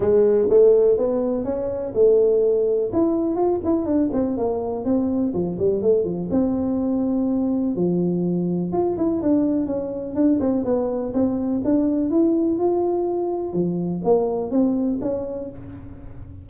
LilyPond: \new Staff \with { instrumentName = "tuba" } { \time 4/4 \tempo 4 = 124 gis4 a4 b4 cis'4 | a2 e'4 f'8 e'8 | d'8 c'8 ais4 c'4 f8 g8 | a8 f8 c'2. |
f2 f'8 e'8 d'4 | cis'4 d'8 c'8 b4 c'4 | d'4 e'4 f'2 | f4 ais4 c'4 cis'4 | }